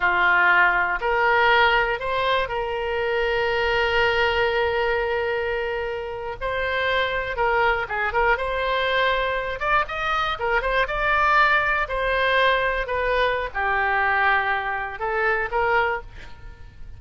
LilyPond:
\new Staff \with { instrumentName = "oboe" } { \time 4/4 \tempo 4 = 120 f'2 ais'2 | c''4 ais'2.~ | ais'1~ | ais'8. c''2 ais'4 gis'16~ |
gis'16 ais'8 c''2~ c''8 d''8 dis''16~ | dis''8. ais'8 c''8 d''2 c''16~ | c''4.~ c''16 b'4~ b'16 g'4~ | g'2 a'4 ais'4 | }